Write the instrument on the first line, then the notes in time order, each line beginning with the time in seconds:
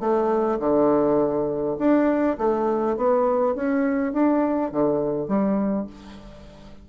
bassoon
0.00 A3
0.59 D3
1.78 D4
2.38 A3
2.97 B3
3.55 C#4
4.13 D4
4.71 D3
5.28 G3